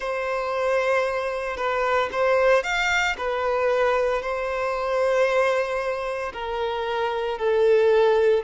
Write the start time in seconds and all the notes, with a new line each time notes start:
0.00 C5
1.56 B4
2.11 C5
2.63 F5
3.17 B4
4.22 C5
6.33 A#4
7.38 A4